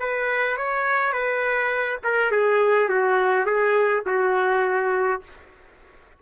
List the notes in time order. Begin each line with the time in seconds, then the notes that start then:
0.00 B4
0.57 C#5
1.13 B4
2.04 A#4
2.32 G#4
2.90 F#4
3.46 G#4
4.07 F#4